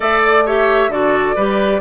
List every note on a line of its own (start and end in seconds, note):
0.00 0.88 A3
0.00 0.45 A4
0.00 0.44 D5
0.00 0.22 E5
0.23 0.46 D5
0.45 0.90 G4
0.45 0.91 C#5
0.45 0.92 E5
0.88 1.33 D3
0.88 1.36 F#4
0.88 1.35 A4
0.88 1.81 D5
1.35 1.81 G3
1.35 1.81 G4
1.35 1.81 B4